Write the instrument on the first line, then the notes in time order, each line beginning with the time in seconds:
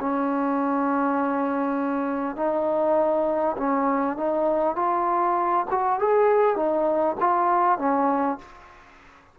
trombone
0.00 C#4
2.36 D#4
3.57 C#4
4.17 D#4
4.76 F4
5.71 F#4
5.99 G#4
6.56 D#4
7.20 F4
7.78 C#4